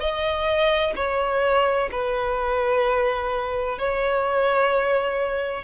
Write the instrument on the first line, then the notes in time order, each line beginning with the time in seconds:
violin
0.00 D#5
0.96 C#5
1.91 B4
3.78 C#5